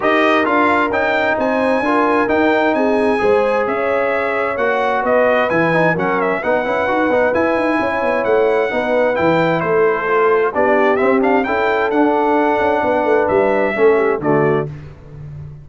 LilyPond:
<<
  \new Staff \with { instrumentName = "trumpet" } { \time 4/4 \tempo 4 = 131 dis''4 f''4 g''4 gis''4~ | gis''4 g''4 gis''2 | e''2 fis''4 dis''4 | gis''4 fis''8 e''8 fis''2 |
gis''2 fis''2 | g''4 c''2 d''4 | e''8 f''8 g''4 fis''2~ | fis''4 e''2 d''4 | }
  \new Staff \with { instrumentName = "horn" } { \time 4/4 ais'2. c''4 | ais'2 gis'4 c''4 | cis''2. b'4~ | b'4 ais'4 b'2~ |
b'4 cis''2 b'4~ | b'4 a'2 g'4~ | g'4 a'2. | b'2 a'8 g'8 fis'4 | }
  \new Staff \with { instrumentName = "trombone" } { \time 4/4 g'4 f'4 dis'2 | f'4 dis'2 gis'4~ | gis'2 fis'2 | e'8 dis'8 cis'4 dis'8 e'8 fis'8 dis'8 |
e'2. dis'4 | e'2 f'4 d'4 | c'8 d'8 e'4 d'2~ | d'2 cis'4 a4 | }
  \new Staff \with { instrumentName = "tuba" } { \time 4/4 dis'4 d'4 cis'4 c'4 | d'4 dis'4 c'4 gis4 | cis'2 ais4 b4 | e4 fis4 b8 cis'8 dis'8 b8 |
e'8 dis'8 cis'8 b8 a4 b4 | e4 a2 b4 | c'4 cis'4 d'4. cis'8 | b8 a8 g4 a4 d4 | }
>>